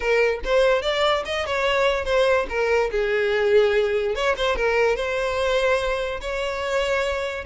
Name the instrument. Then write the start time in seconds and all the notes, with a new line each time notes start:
violin
0.00 A#4
0.44 C5
0.82 D5
1.25 D#5
1.46 C#5
2.04 C5
2.49 A#4
2.91 G#4
4.15 C#5
4.36 C5
4.56 A#4
4.96 C5
6.21 C#5